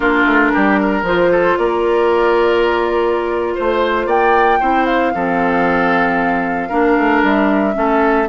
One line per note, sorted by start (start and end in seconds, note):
0.00 0.25 A#3
0.00 1.03 D4
0.00 0.52 F4
0.00 1.05 A#4
0.25 0.51 A3
0.53 1.03 G3
0.53 0.79 G4
0.79 1.31 A#4
1.03 1.55 F3
1.03 4.61 F4
1.03 1.57 C5
1.31 1.57 A4
1.57 3.55 A#3
1.57 3.54 A#4
1.57 3.55 D5
3.54 4.06 A3
3.54 4.06 C5
3.54 4.09 C5
4.06 4.58 A#3
4.06 4.59 D5
4.06 4.85 G5
4.60 5.14 C4
4.60 5.13 E4
4.60 5.12 C5
4.85 7.22 F5
5.14 6.71 F3
5.14 6.70 C4
5.14 6.69 A4
6.69 6.97 A#3
6.69 7.73 D4
6.69 7.74 A#4
6.97 7.23 A3
7.23 7.75 G3
7.23 8.28 E5
7.73 8.28 A3
7.73 8.26 C#4
7.73 8.28 A4